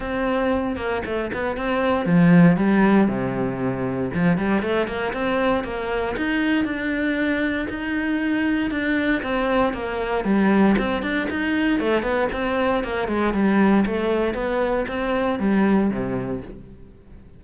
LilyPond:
\new Staff \with { instrumentName = "cello" } { \time 4/4 \tempo 4 = 117 c'4. ais8 a8 b8 c'4 | f4 g4 c2 | f8 g8 a8 ais8 c'4 ais4 | dis'4 d'2 dis'4~ |
dis'4 d'4 c'4 ais4 | g4 c'8 d'8 dis'4 a8 b8 | c'4 ais8 gis8 g4 a4 | b4 c'4 g4 c4 | }